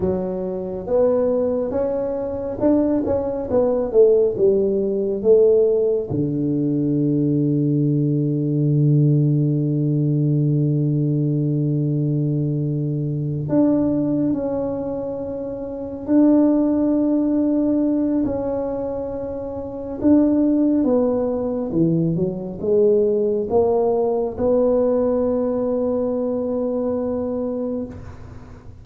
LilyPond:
\new Staff \with { instrumentName = "tuba" } { \time 4/4 \tempo 4 = 69 fis4 b4 cis'4 d'8 cis'8 | b8 a8 g4 a4 d4~ | d1~ | d2.~ d8 d'8~ |
d'8 cis'2 d'4.~ | d'4 cis'2 d'4 | b4 e8 fis8 gis4 ais4 | b1 | }